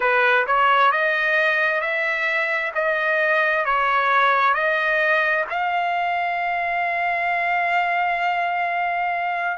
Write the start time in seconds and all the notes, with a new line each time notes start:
0.00 B4
0.47 C#5
0.91 D#5
1.81 E5
2.74 D#5
3.65 C#5
4.54 D#5
5.50 F5